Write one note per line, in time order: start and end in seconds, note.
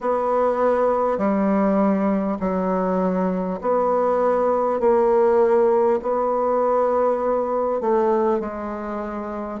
0.00 1.17 B3
1.17 2.37 G3
2.39 3.59 F#3
3.61 4.79 B3
4.79 5.99 A#3
6.02 7.80 B3
7.80 8.39 A3
8.39 9.59 G#3